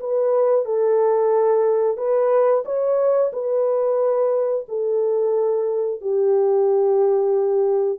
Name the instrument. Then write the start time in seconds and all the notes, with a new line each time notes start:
horn
0.00 B4
0.65 A4
1.97 B4
2.65 C#5
3.32 B4
4.68 A4
6.01 G4